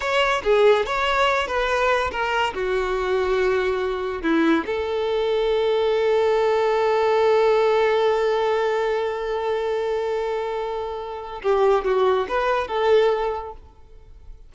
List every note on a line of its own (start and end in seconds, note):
0.00 0.42 C#5
0.43 0.85 G#4
0.85 1.47 C#5
1.47 2.10 B4
2.11 2.53 A#4
2.54 4.22 F#4
4.22 4.64 E4
4.65 11.41 A4
11.42 11.84 G4
11.84 12.27 F#4
12.28 12.67 B4
12.67 13.52 A4